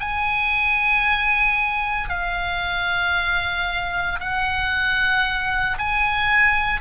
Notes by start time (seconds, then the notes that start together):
0.00 G#5
2.09 F5
4.20 F#5
5.78 G#5